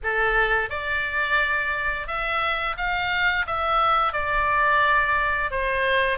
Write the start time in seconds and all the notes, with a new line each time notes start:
0.03 A4
0.69 D5
2.07 E5
2.77 F5
3.46 E5
4.13 D5
5.50 C5